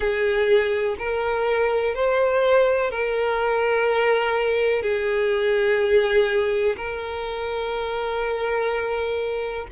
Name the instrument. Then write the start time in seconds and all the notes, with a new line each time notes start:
violin
0.00 G#4
0.98 A#4
1.94 C5
2.90 A#4
4.82 G#4
6.77 A#4